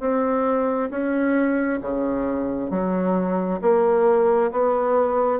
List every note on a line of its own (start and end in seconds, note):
0.00 0.90 C4
0.90 1.80 C#4
1.81 2.70 C#3
2.70 3.60 F#3
3.62 4.51 A#3
4.51 5.40 B3